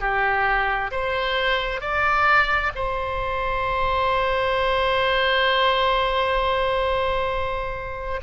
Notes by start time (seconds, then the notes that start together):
0.00 G4
0.92 C5
1.81 D5
2.76 C5